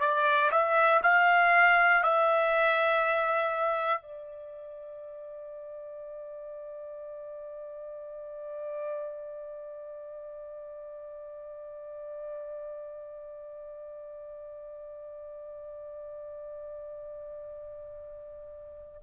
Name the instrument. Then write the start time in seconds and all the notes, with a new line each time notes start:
trumpet
0.00 D5
0.51 E5
1.03 F5
2.03 E5
4.01 D5